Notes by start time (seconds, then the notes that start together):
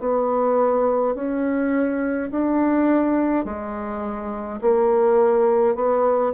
0.00 B3
1.15 C#4
2.32 D4
3.45 G#3
4.62 A#3
5.76 B3